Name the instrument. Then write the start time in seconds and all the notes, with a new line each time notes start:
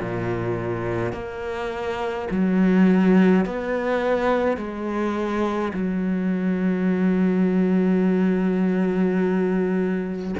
cello
0.00 A#2
1.12 A#3
2.30 F#3
3.45 B3
4.56 G#3
5.73 F#3